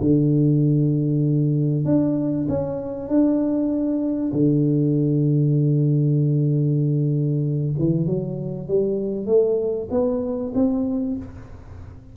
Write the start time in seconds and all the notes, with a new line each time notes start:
0.00 D3
1.85 D4
2.49 C#4
3.08 D4
4.32 D3
7.78 E3
8.06 F#3
8.68 G3
9.26 A3
9.91 B3
10.54 C4